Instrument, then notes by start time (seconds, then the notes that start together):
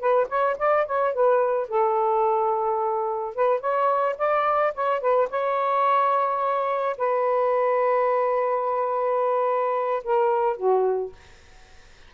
saxophone
0.00 B4
0.29 C#5
0.59 D5
0.87 C#5
1.14 B4
1.69 A4
3.35 B4
3.61 C#5
4.19 D5
4.75 C#5
5.01 B4
5.30 C#5
6.98 B4
10.04 A#4
10.57 F#4